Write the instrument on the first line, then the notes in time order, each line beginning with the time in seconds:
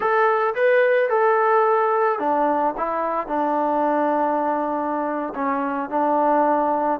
trombone
0.00 A4
0.55 B4
1.09 A4
2.19 D4
2.77 E4
3.27 D4
5.34 C#4
5.89 D4